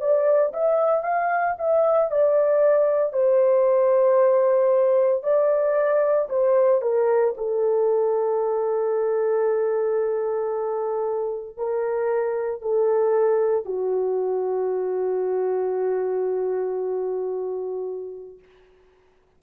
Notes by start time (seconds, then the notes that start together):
0.00 D5
0.54 E5
1.04 F5
1.59 E5
2.11 D5
3.13 C5
5.23 D5
6.30 C5
6.82 A#4
7.38 A4
11.57 A#4
12.62 A4
13.66 F#4